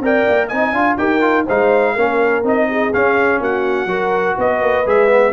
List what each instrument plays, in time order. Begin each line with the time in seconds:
0.00 tuba C4, trombone A#4, horn D5, trumpet G5
0.29 tuba A#3
0.48 tuba C4, trombone D#4, horn D#5, trumpet G#5
0.72 tuba D4, trombone F4, horn F5
0.97 tuba D#4, trombone G4, horn A#4, trumpet G5
1.21 trombone F4
1.46 tuba G#3, trombone D#4, horn C5, trumpet F5
1.95 tuba A#3, trombone C#4, horn A#4
2.43 tuba C4, trombone D#4, trumpet D#5
2.69 horn G#4
2.93 trombone C#4, tuba C#4, trumpet F5
3.40 tuba A#3, horn F#4, trumpet F#5
3.86 tuba F#3, trombone F#4, horn A#4
4.38 tuba B3, horn B4, trumpet D#5
4.61 tuba A#3
4.86 tuba G#3, trombone G#4, trumpet E5
5.07 trombone B3